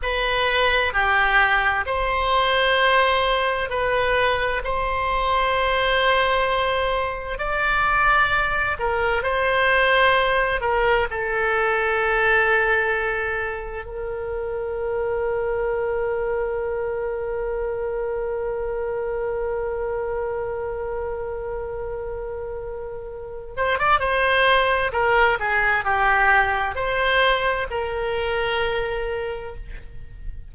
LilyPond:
\new Staff \with { instrumentName = "oboe" } { \time 4/4 \tempo 4 = 65 b'4 g'4 c''2 | b'4 c''2. | d''4. ais'8 c''4. ais'8 | a'2. ais'4~ |
ais'1~ | ais'1~ | ais'4. c''16 d''16 c''4 ais'8 gis'8 | g'4 c''4 ais'2 | }